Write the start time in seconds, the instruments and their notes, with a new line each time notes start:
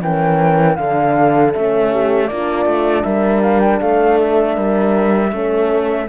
0.00 cello E3, horn C#4 A#4, flute G5
0.76 cello D3, horn D4 A4, flute F5
1.53 cello A3, horn C#4, flute E5
1.91 horn G4
2.27 cello A#3, horn D4 F4, flute D5
2.66 cello A3
3.03 cello G3, horn A#4, flute E5
3.43 flute F5
3.60 flute G5
3.81 cello A3, horn A4, flute F5
4.20 flute E5
4.56 cello G3, horn A#4
5.32 cello A3, horn C#4 A4